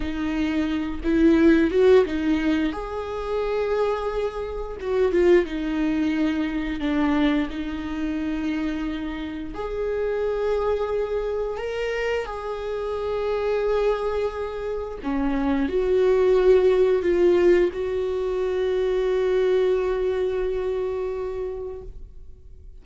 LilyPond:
\new Staff \with { instrumentName = "viola" } { \time 4/4 \tempo 4 = 88 dis'4. e'4 fis'8 dis'4 | gis'2. fis'8 f'8 | dis'2 d'4 dis'4~ | dis'2 gis'2~ |
gis'4 ais'4 gis'2~ | gis'2 cis'4 fis'4~ | fis'4 f'4 fis'2~ | fis'1 | }